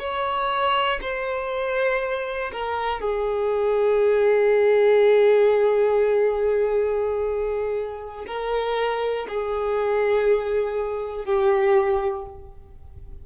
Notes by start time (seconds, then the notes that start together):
0.00 C#5
1.02 C5
2.53 A#4
3.01 G#4
8.27 A#4
9.29 G#4
11.26 G4